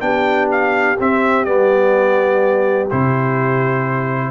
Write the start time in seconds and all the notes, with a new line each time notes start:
0.00 B3 D4 G4 G5
0.51 F5
1.00 C4 E5
1.45 G3 B3 D5
2.90 C3 E4 C5